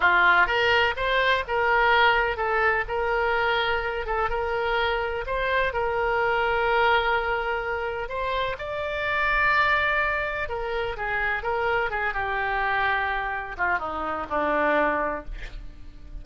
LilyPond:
\new Staff \with { instrumentName = "oboe" } { \time 4/4 \tempo 4 = 126 f'4 ais'4 c''4 ais'4~ | ais'4 a'4 ais'2~ | ais'8 a'8 ais'2 c''4 | ais'1~ |
ais'4 c''4 d''2~ | d''2 ais'4 gis'4 | ais'4 gis'8 g'2~ g'8~ | g'8 f'8 dis'4 d'2 | }